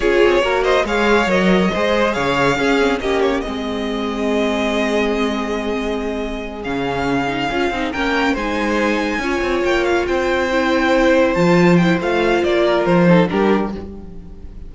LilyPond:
<<
  \new Staff \with { instrumentName = "violin" } { \time 4/4 \tempo 4 = 140 cis''4. dis''8 f''4 dis''4~ | dis''4 f''2 dis''8 cis''8 | dis''1~ | dis''2.~ dis''8 f''8~ |
f''2~ f''8 g''4 gis''8~ | gis''2~ gis''8 g''8 f''8 g''8~ | g''2~ g''8 a''4 g''8 | f''4 d''4 c''4 ais'4 | }
  \new Staff \with { instrumentName = "violin" } { \time 4/4 gis'4 ais'8 c''8 cis''2 | c''4 cis''4 gis'4 g'4 | gis'1~ | gis'1~ |
gis'2~ gis'8 ais'4 c''8~ | c''4. cis''2 c''8~ | c''1~ | c''4. ais'4 a'8 g'4 | }
  \new Staff \with { instrumentName = "viola" } { \time 4/4 f'4 fis'4 gis'4 ais'4 | gis'2 cis'8 c'8 cis'4 | c'1~ | c'2.~ c'8 cis'8~ |
cis'4 dis'8 f'8 dis'8 cis'4 dis'8~ | dis'4. f'2~ f'8~ | f'8 e'2 f'4 e'8 | f'2~ f'8 dis'8 d'4 | }
  \new Staff \with { instrumentName = "cello" } { \time 4/4 cis'8 c'8 ais4 gis4 fis4 | gis4 cis4 cis'4 ais4 | gis1~ | gis2.~ gis8 cis8~ |
cis4. cis'8 c'8 ais4 gis8~ | gis4. cis'8 c'8 ais4 c'8~ | c'2~ c'8 f4. | a4 ais4 f4 g4 | }
>>